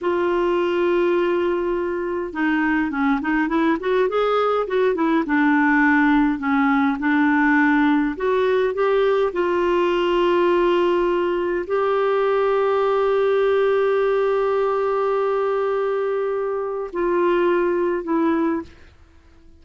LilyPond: \new Staff \with { instrumentName = "clarinet" } { \time 4/4 \tempo 4 = 103 f'1 | dis'4 cis'8 dis'8 e'8 fis'8 gis'4 | fis'8 e'8 d'2 cis'4 | d'2 fis'4 g'4 |
f'1 | g'1~ | g'1~ | g'4 f'2 e'4 | }